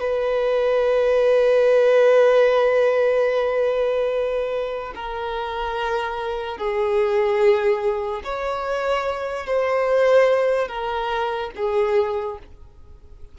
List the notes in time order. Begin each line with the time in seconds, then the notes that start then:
0.00 B4
4.95 A#4
6.57 G#4
8.24 C#5
9.46 C5
10.68 A#4
11.56 G#4